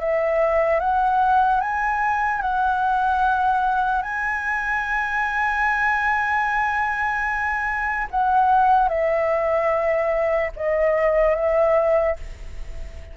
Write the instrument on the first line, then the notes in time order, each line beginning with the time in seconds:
flute
0.00 E5
0.80 F#5
1.61 G#5
2.42 F#5
4.02 G#5
8.11 F#5
8.89 E5
10.57 D#5
11.36 E5